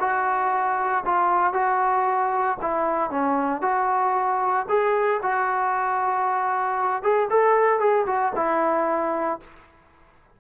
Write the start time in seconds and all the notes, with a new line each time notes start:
0.00 F#4
1.06 F4
1.54 F#4
2.62 E4
3.11 C#4
3.62 F#4
4.69 G#4
5.22 F#4
7.03 G#4
7.30 A4
7.80 G#4
8.07 F#4
8.36 E4